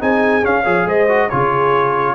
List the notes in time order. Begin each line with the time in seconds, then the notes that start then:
0.00 C4 D#4 G#4 G#5
0.42 C#4 F5
0.62 F3 G#4 C#5
0.85 G#3 C5 D#5
1.08 F#4
1.27 C#3 F4 G#4 C#5